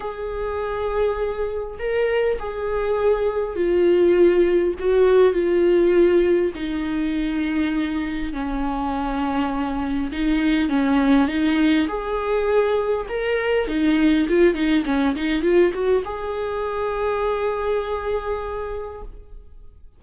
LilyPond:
\new Staff \with { instrumentName = "viola" } { \time 4/4 \tempo 4 = 101 gis'2. ais'4 | gis'2 f'2 | fis'4 f'2 dis'4~ | dis'2 cis'2~ |
cis'4 dis'4 cis'4 dis'4 | gis'2 ais'4 dis'4 | f'8 dis'8 cis'8 dis'8 f'8 fis'8 gis'4~ | gis'1 | }